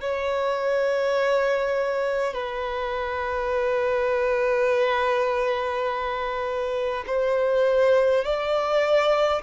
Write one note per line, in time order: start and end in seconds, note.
0.00 2.34 C#5
2.34 7.04 B4
7.06 8.24 C5
8.24 9.42 D5